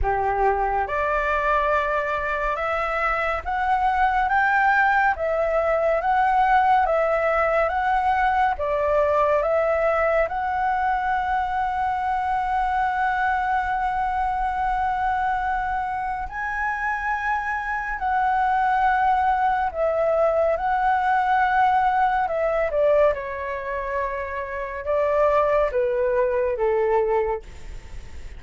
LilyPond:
\new Staff \with { instrumentName = "flute" } { \time 4/4 \tempo 4 = 70 g'4 d''2 e''4 | fis''4 g''4 e''4 fis''4 | e''4 fis''4 d''4 e''4 | fis''1~ |
fis''2. gis''4~ | gis''4 fis''2 e''4 | fis''2 e''8 d''8 cis''4~ | cis''4 d''4 b'4 a'4 | }